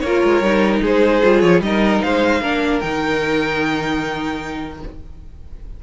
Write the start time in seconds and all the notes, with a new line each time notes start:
0.00 A#3 A#4 C#5
0.06 F4
0.23 G#3
0.41 G3 D#4
0.82 G#3 G#4 C5
1.22 G3 F4
1.41 F3 C#5
1.60 G3 D#4 A#4 D#5
2.01 G#3 C5 F5
2.40 A#3 D4 A#4
2.80 D#3 D#4 G5